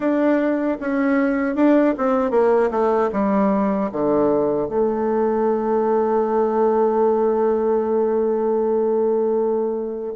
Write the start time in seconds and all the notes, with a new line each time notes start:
0.00 D4
0.80 C#4
1.55 D4
1.97 C4
2.31 A#3
2.71 A3
3.12 G3
3.92 D3
4.68 A3